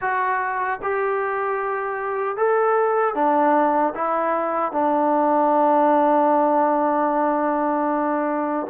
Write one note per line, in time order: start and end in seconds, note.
0.01 0.80 F#4
0.82 2.36 G4
2.36 3.14 A4
3.14 3.93 D4
3.94 4.72 E4
4.72 8.66 D4